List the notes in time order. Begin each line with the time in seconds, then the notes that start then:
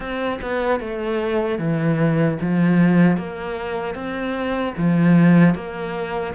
0.00 C4
0.41 B3
0.79 A3
1.58 E3
2.40 F3
3.17 A#3
3.94 C4
4.77 F3
5.54 A#3